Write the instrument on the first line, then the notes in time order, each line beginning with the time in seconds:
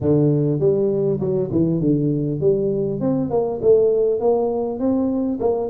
tuba
0.00 D3
0.59 G3
1.20 F#3
1.51 E3
1.80 D3
2.40 G3
3.00 C4
3.30 A#3
3.62 A3
4.19 A#3
4.79 C4
5.40 A#3